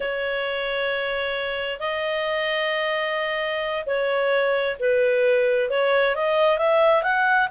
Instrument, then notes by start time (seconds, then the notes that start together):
clarinet
0.00 C#5
1.79 D#5
3.85 C#5
4.79 B4
5.70 C#5
6.15 D#5
6.58 E5
7.02 F#5